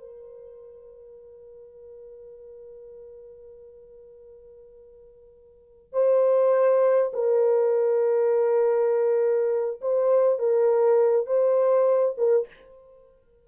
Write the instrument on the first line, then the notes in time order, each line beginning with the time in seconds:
horn
0.00 A#4
5.93 C5
7.14 A#4
9.82 C5
10.39 A#4
11.27 C5
12.18 A#4